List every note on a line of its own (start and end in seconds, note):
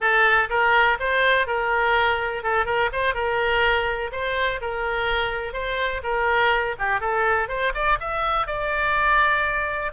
0.00 0.49 A4
0.49 0.98 A#4
0.99 1.46 C5
1.46 2.43 A#4
2.43 2.65 A4
2.65 2.89 A#4
2.92 3.14 C5
3.14 4.11 A#4
4.12 4.60 C5
4.61 5.53 A#4
5.53 6.01 C5
6.03 6.75 A#4
6.78 7.00 G4
7.00 7.48 A4
7.48 7.72 C5
7.74 7.98 D5
7.99 8.46 E5
8.46 9.91 D5